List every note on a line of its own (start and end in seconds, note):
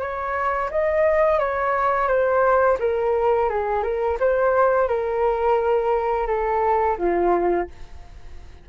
0.00 0.70 C#5
0.70 1.39 D#5
1.39 2.08 C#5
2.08 2.78 C5
2.80 3.49 A#4
3.49 3.83 G#4
3.83 4.18 A#4
4.20 4.88 C5
4.88 6.27 A#4
6.27 6.97 A4
6.98 7.68 F4